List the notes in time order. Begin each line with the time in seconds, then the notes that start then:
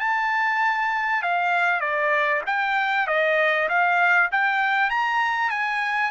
0.00 A5
1.23 F5
1.81 D5
2.47 G5
3.07 D#5
3.69 F5
4.32 G5
4.90 A#5
5.50 G#5